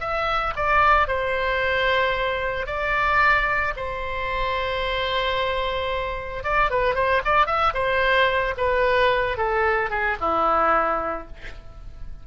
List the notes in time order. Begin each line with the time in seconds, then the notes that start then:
0.00 E5
0.56 D5
1.08 C5
2.66 D5
3.76 C5
6.44 D5
6.71 B4
6.95 C5
7.25 D5
7.46 E5
7.74 C5
8.57 B4
9.37 A4
9.90 G#4
10.20 E4